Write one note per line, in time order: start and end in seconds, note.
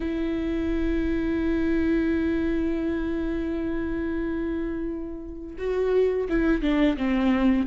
0.00 5.56 E4
5.58 6.28 F#4
6.29 6.62 E4
6.62 6.96 D4
6.97 7.66 C4